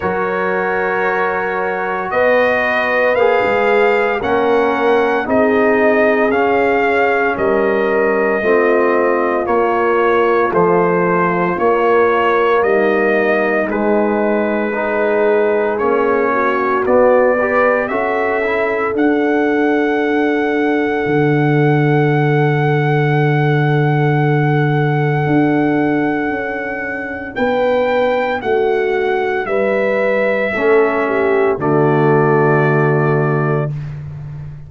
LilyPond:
<<
  \new Staff \with { instrumentName = "trumpet" } { \time 4/4 \tempo 4 = 57 cis''2 dis''4 f''4 | fis''4 dis''4 f''4 dis''4~ | dis''4 cis''4 c''4 cis''4 | dis''4 b'2 cis''4 |
d''4 e''4 fis''2~ | fis''1~ | fis''2 g''4 fis''4 | e''2 d''2 | }
  \new Staff \with { instrumentName = "horn" } { \time 4/4 ais'2 b'2 | ais'4 gis'2 ais'4 | f'1 | dis'2 gis'4. fis'8~ |
fis'8 b'8 a'2.~ | a'1~ | a'2 b'4 fis'4 | b'4 a'8 g'8 fis'2 | }
  \new Staff \with { instrumentName = "trombone" } { \time 4/4 fis'2. gis'4 | cis'4 dis'4 cis'2 | c'4 ais4 f4 ais4~ | ais4 gis4 dis'4 cis'4 |
b8 g'8 fis'8 e'8 d'2~ | d'1~ | d'1~ | d'4 cis'4 a2 | }
  \new Staff \with { instrumentName = "tuba" } { \time 4/4 fis2 b4 ais16 gis8. | ais4 c'4 cis'4 g4 | a4 ais4 a4 ais4 | g4 gis2 ais4 |
b4 cis'4 d'2 | d1 | d'4 cis'4 b4 a4 | g4 a4 d2 | }
>>